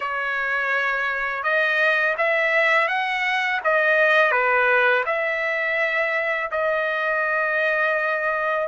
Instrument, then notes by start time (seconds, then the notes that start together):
trumpet
0.00 C#5
1.43 D#5
2.17 E5
2.88 F#5
3.63 D#5
4.31 B4
5.05 E5
6.51 D#5